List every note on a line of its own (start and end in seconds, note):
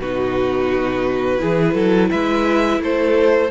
0.00 1.41 B2
0.00 1.38 D#4
0.00 1.41 F#4
0.00 2.11 B4
1.38 1.75 E3
1.38 3.49 E4
1.38 1.74 G#4
1.74 2.10 F#3
1.74 2.10 A4
2.10 2.80 G#3
2.10 2.80 B4
2.10 2.81 E5
2.80 3.50 A3
2.80 3.51 A4
2.80 3.51 C5